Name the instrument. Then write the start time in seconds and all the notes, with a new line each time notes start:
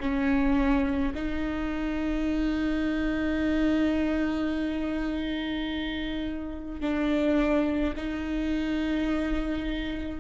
viola
0.00 C#4
1.15 D#4
6.81 D4
7.97 D#4